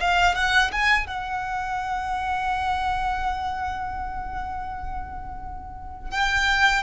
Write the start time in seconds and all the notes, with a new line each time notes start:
0.00 F5
0.35 F#5
0.72 G#5
1.07 F#5
6.11 G5